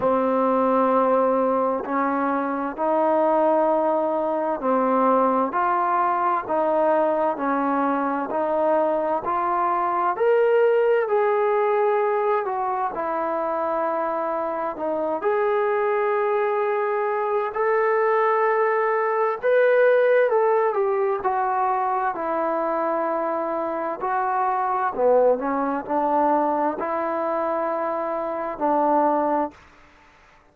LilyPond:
\new Staff \with { instrumentName = "trombone" } { \time 4/4 \tempo 4 = 65 c'2 cis'4 dis'4~ | dis'4 c'4 f'4 dis'4 | cis'4 dis'4 f'4 ais'4 | gis'4. fis'8 e'2 |
dis'8 gis'2~ gis'8 a'4~ | a'4 b'4 a'8 g'8 fis'4 | e'2 fis'4 b8 cis'8 | d'4 e'2 d'4 | }